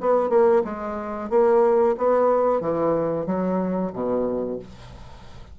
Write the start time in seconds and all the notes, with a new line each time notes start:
0.00 B3
0.29 A#3
0.64 G#3
1.29 A#3
1.97 B3
2.60 E3
3.26 F#3
3.93 B2